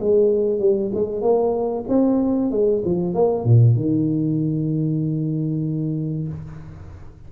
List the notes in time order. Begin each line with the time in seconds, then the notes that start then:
0.00 G#3
0.60 G3
0.94 G#3
1.22 A#3
1.89 C4
2.51 G#3
2.85 F3
3.15 A#3
3.44 A#2
3.76 D#3